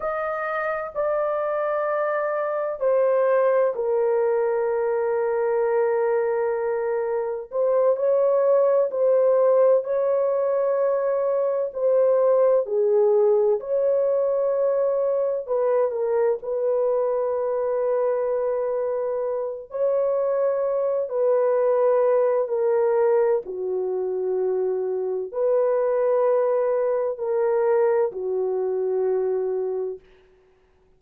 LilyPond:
\new Staff \with { instrumentName = "horn" } { \time 4/4 \tempo 4 = 64 dis''4 d''2 c''4 | ais'1 | c''8 cis''4 c''4 cis''4.~ | cis''8 c''4 gis'4 cis''4.~ |
cis''8 b'8 ais'8 b'2~ b'8~ | b'4 cis''4. b'4. | ais'4 fis'2 b'4~ | b'4 ais'4 fis'2 | }